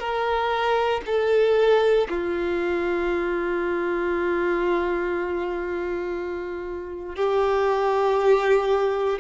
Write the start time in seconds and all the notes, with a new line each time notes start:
0.00 A#4
1.06 A4
2.09 F4
7.16 G4